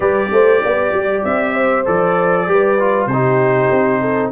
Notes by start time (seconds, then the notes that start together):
0.00 G3 G4 B4 D5
0.31 A3 C5
0.62 B3 D5
0.92 G3
1.24 C4 E5
1.53 C5
1.85 F3 A4 D5
2.47 G3 G4 B4
2.79 F4
3.06 C3 G4 C5
3.12 D#4
3.70 C4
4.00 A4